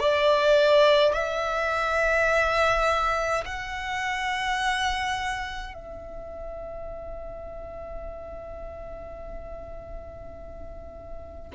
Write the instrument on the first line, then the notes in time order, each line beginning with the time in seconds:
violin
0.00 D5
1.14 E5
3.46 F#5
5.74 E5